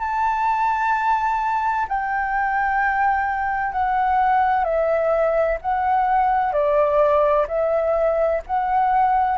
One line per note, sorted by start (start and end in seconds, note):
0.00 1.87 A5
1.88 3.72 G5
3.72 4.64 F#5
4.64 5.58 E5
5.62 6.53 F#5
6.53 7.47 D5
7.48 8.42 E5
8.47 9.38 F#5